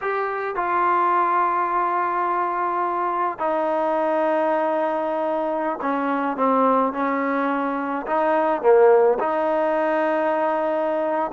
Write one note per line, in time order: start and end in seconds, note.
0.01 0.55 G4
0.55 3.38 F4
3.38 5.79 D#4
5.81 6.36 C#4
6.36 6.92 C4
6.92 8.06 C#4
8.06 8.62 D#4
8.62 9.18 A#3
9.19 11.31 D#4